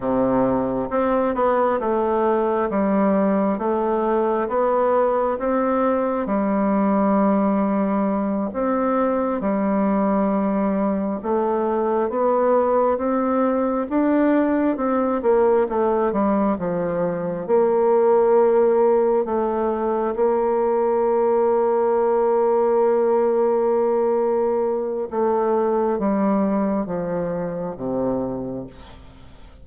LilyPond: \new Staff \with { instrumentName = "bassoon" } { \time 4/4 \tempo 4 = 67 c4 c'8 b8 a4 g4 | a4 b4 c'4 g4~ | g4. c'4 g4.~ | g8 a4 b4 c'4 d'8~ |
d'8 c'8 ais8 a8 g8 f4 ais8~ | ais4. a4 ais4.~ | ais1 | a4 g4 f4 c4 | }